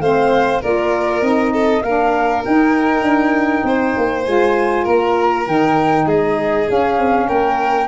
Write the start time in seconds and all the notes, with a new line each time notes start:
0.00 A3 C4 C5 F5
0.61 A#3 F4 A#4 D5
1.21 C4 D#4 D#5
1.53 A4
1.82 A#3 D4 A#4 F5
2.45 D#4 G5
3.02 D4
3.64 C4 C5
3.97 A#3
4.24 G#3 F4 G#5
4.84 A#3 A#4 A#5
5.46 D#3 D#4 G5
6.06 G#3 G#4 D#5
6.66 C#4 F5
6.98 C4
7.28 A#3 A#4 G5